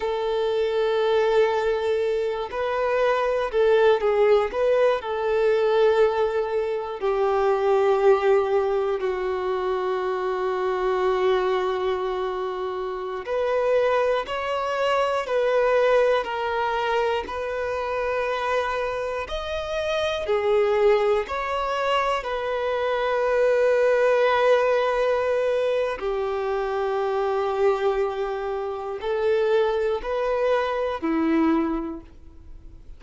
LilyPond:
\new Staff \with { instrumentName = "violin" } { \time 4/4 \tempo 4 = 60 a'2~ a'8 b'4 a'8 | gis'8 b'8 a'2 g'4~ | g'4 fis'2.~ | fis'4~ fis'16 b'4 cis''4 b'8.~ |
b'16 ais'4 b'2 dis''8.~ | dis''16 gis'4 cis''4 b'4.~ b'16~ | b'2 g'2~ | g'4 a'4 b'4 e'4 | }